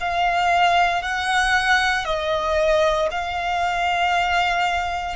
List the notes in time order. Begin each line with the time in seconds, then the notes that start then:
0.00 F5
1.02 F#5
2.05 D#5
3.11 F5